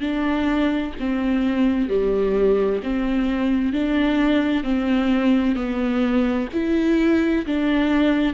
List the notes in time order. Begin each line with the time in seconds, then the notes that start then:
0.00 D4
0.99 C4
1.88 G3
2.83 C4
3.72 D4
4.63 C4
5.55 B3
6.53 E4
7.46 D4